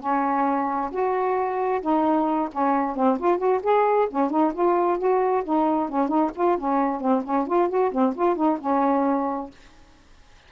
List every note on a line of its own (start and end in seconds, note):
0.00 0.90 C#4
0.91 1.81 F#4
1.81 2.49 D#4
2.52 2.95 C#4
2.95 3.18 C4
3.19 3.38 F4
3.38 3.60 F#4
3.63 4.08 G#4
4.10 4.30 C#4
4.30 4.52 D#4
4.54 4.98 F4
4.98 5.43 F#4
5.44 5.89 D#4
5.89 6.08 C#4
6.08 6.31 D#4
6.35 6.58 F4
6.58 7.00 C#4
7.00 7.23 C4
7.24 7.47 C#4
7.47 7.69 F4
7.69 7.91 F#4
7.92 8.14 C4
8.16 8.36 F4
8.36 8.58 D#4
8.60 9.50 C#4